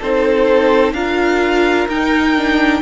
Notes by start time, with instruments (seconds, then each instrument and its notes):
0.00 cello C4, viola D#4, violin A4 C5
0.93 cello D4, viola F4, violin A#4 F5
1.88 cello D#4, viola D#4, violin G5
2.37 viola D4